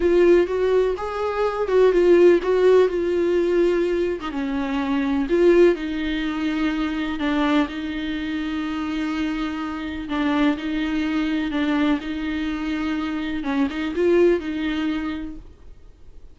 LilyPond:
\new Staff \with { instrumentName = "viola" } { \time 4/4 \tempo 4 = 125 f'4 fis'4 gis'4. fis'8 | f'4 fis'4 f'2~ | f'8. dis'16 cis'2 f'4 | dis'2. d'4 |
dis'1~ | dis'4 d'4 dis'2 | d'4 dis'2. | cis'8 dis'8 f'4 dis'2 | }